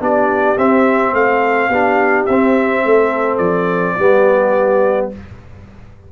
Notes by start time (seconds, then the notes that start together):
0.00 B3 D4 G4 D5
0.58 C4 E5
1.13 A3 A4 F5
1.69 B3 D4 G4
2.26 C4 E5
2.84 A3 A4
3.37 F3 D5
3.96 G3 B3 G4